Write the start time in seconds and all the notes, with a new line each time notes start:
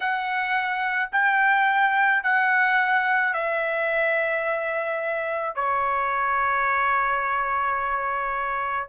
0.00 F#5
1.12 G5
2.23 F#5
3.33 E5
5.55 C#5